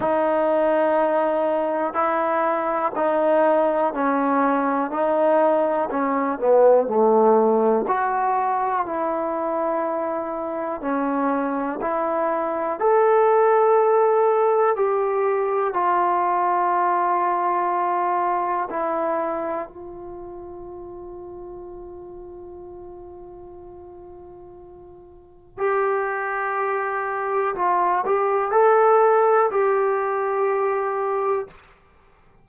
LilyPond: \new Staff \with { instrumentName = "trombone" } { \time 4/4 \tempo 4 = 61 dis'2 e'4 dis'4 | cis'4 dis'4 cis'8 b8 a4 | fis'4 e'2 cis'4 | e'4 a'2 g'4 |
f'2. e'4 | f'1~ | f'2 g'2 | f'8 g'8 a'4 g'2 | }